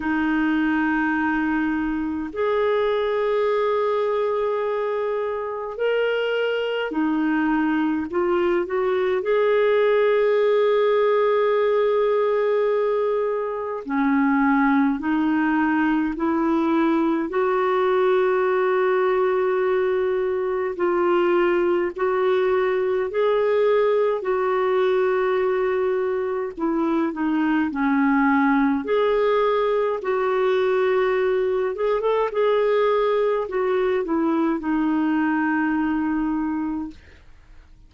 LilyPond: \new Staff \with { instrumentName = "clarinet" } { \time 4/4 \tempo 4 = 52 dis'2 gis'2~ | gis'4 ais'4 dis'4 f'8 fis'8 | gis'1 | cis'4 dis'4 e'4 fis'4~ |
fis'2 f'4 fis'4 | gis'4 fis'2 e'8 dis'8 | cis'4 gis'4 fis'4. gis'16 a'16 | gis'4 fis'8 e'8 dis'2 | }